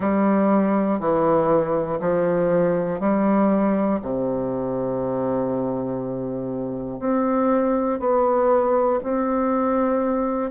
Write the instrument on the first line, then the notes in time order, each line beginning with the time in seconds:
bassoon
0.00 G3
1.00 E3
2.00 F3
3.00 G3
4.01 C3
6.99 C4
8.00 B3
9.03 C4